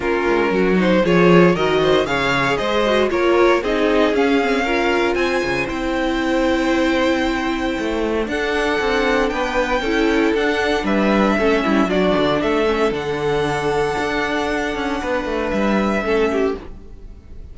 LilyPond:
<<
  \new Staff \with { instrumentName = "violin" } { \time 4/4 \tempo 4 = 116 ais'4. c''8 cis''4 dis''4 | f''4 dis''4 cis''4 dis''4 | f''2 gis''4 g''4~ | g''1 |
fis''2 g''2 | fis''4 e''2 d''4 | e''4 fis''2.~ | fis''2 e''2 | }
  \new Staff \with { instrumentName = "violin" } { \time 4/4 f'4 fis'4 gis'4 ais'8 c''8 | cis''4 c''4 ais'4 gis'4~ | gis'4 ais'4 c''2~ | c''1 |
a'2 b'4 a'4~ | a'4 b'4 a'8 e'8 fis'4 | a'1~ | a'4 b'2 a'8 g'8 | }
  \new Staff \with { instrumentName = "viola" } { \time 4/4 cis'4. dis'8 f'4 fis'4 | gis'4. fis'8 f'4 dis'4 | cis'8 c'8 f'2 e'4~ | e'1 |
d'2. e'4 | d'2 cis'4 d'4~ | d'8 cis'8 d'2.~ | d'2. cis'4 | }
  \new Staff \with { instrumentName = "cello" } { \time 4/4 ais8 gis8 fis4 f4 dis4 | cis4 gis4 ais4 c'4 | cis'2 c'8 cis8 c'4~ | c'2. a4 |
d'4 c'4 b4 cis'4 | d'4 g4 a8 g8 fis8 d8 | a4 d2 d'4~ | d'8 cis'8 b8 a8 g4 a4 | }
>>